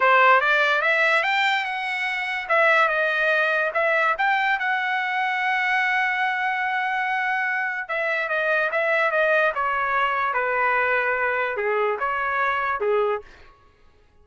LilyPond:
\new Staff \with { instrumentName = "trumpet" } { \time 4/4 \tempo 4 = 145 c''4 d''4 e''4 g''4 | fis''2 e''4 dis''4~ | dis''4 e''4 g''4 fis''4~ | fis''1~ |
fis''2. e''4 | dis''4 e''4 dis''4 cis''4~ | cis''4 b'2. | gis'4 cis''2 gis'4 | }